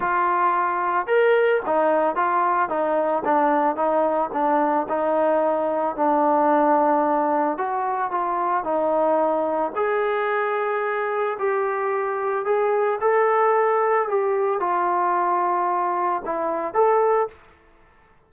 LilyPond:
\new Staff \with { instrumentName = "trombone" } { \time 4/4 \tempo 4 = 111 f'2 ais'4 dis'4 | f'4 dis'4 d'4 dis'4 | d'4 dis'2 d'4~ | d'2 fis'4 f'4 |
dis'2 gis'2~ | gis'4 g'2 gis'4 | a'2 g'4 f'4~ | f'2 e'4 a'4 | }